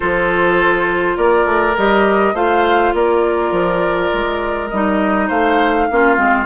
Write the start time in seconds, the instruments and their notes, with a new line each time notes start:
0.00 bassoon F3, clarinet F4, oboe A4, flute C5
1.17 bassoon A#3, oboe A#4, flute D5
1.45 bassoon A3
1.77 bassoon G3, clarinet G4, flute D#5
2.33 bassoon A3, clarinet F4, oboe C5, flute F5
2.93 bassoon A#3, oboe A#4, flute D5
3.51 bassoon F3
4.13 bassoon G#3
4.69 bassoon G3, clarinet D#4, flute D#5
5.27 bassoon A3, oboe C5, flute F5
5.91 bassoon A#3, clarinet C#4, oboe F4
6.16 bassoon G#3, clarinet C4